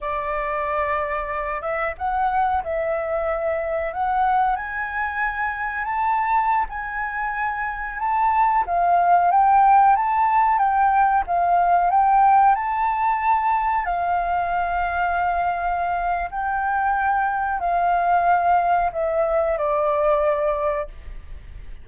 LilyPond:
\new Staff \with { instrumentName = "flute" } { \time 4/4 \tempo 4 = 92 d''2~ d''8 e''8 fis''4 | e''2 fis''4 gis''4~ | gis''4 a''4~ a''16 gis''4.~ gis''16~ | gis''16 a''4 f''4 g''4 a''8.~ |
a''16 g''4 f''4 g''4 a''8.~ | a''4~ a''16 f''2~ f''8.~ | f''4 g''2 f''4~ | f''4 e''4 d''2 | }